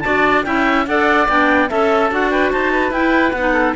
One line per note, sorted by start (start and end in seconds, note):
0.00 0.45 F#4
0.00 0.46 D5
0.00 0.41 A5
0.07 0.47 D4
0.44 0.87 C#4
0.44 0.87 E4
0.44 0.88 E5
0.44 0.86 G5
0.87 1.29 D4
0.87 1.29 A4
0.87 1.70 D5
0.87 1.29 F#5
1.29 1.71 B3
1.29 1.69 D4
1.29 1.70 G5
1.69 2.12 C#4
1.69 2.11 A4
1.69 2.32 A4
1.69 2.11 E5
2.11 2.53 D4
2.11 2.94 F#4
2.11 2.31 F#5
2.31 2.52 B4
2.31 2.51 G5
2.52 2.91 D#4
2.52 2.73 C5
2.52 2.93 A5
2.73 3.54 B4
2.91 3.33 E4
2.91 3.36 E4
2.91 3.32 G5
3.32 3.75 B3
3.32 3.74 F#5
3.39 3.76 D#4
3.54 3.74 A4